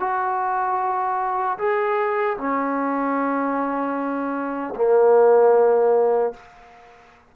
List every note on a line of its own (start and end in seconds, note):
0.00 1.58 F#4
1.58 2.37 G#4
2.37 4.74 C#4
4.75 6.33 A#3